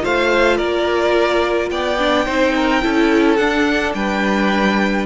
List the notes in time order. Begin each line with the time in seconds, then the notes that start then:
0.00 A3 F4 C5 F5
0.57 A#3 A#4 D5
1.70 B3 D5 G5
1.99 D4
2.25 C4 D#4 C5
2.56 A#4
2.82 C#4 E4 A4
3.36 D4 F#5
3.95 G3 B4 G5